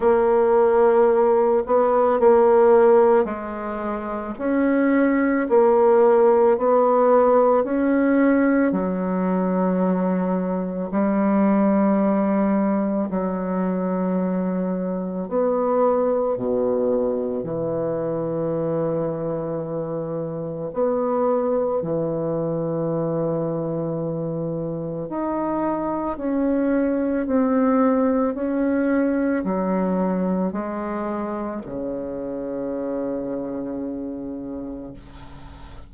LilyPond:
\new Staff \with { instrumentName = "bassoon" } { \time 4/4 \tempo 4 = 55 ais4. b8 ais4 gis4 | cis'4 ais4 b4 cis'4 | fis2 g2 | fis2 b4 b,4 |
e2. b4 | e2. dis'4 | cis'4 c'4 cis'4 fis4 | gis4 cis2. | }